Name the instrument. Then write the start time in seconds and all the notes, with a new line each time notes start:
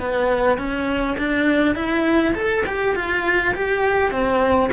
cello
0.00 B3
0.58 C#4
1.18 D4
1.76 E4
2.35 A4
2.67 G4
2.96 F4
3.55 G4
4.11 C4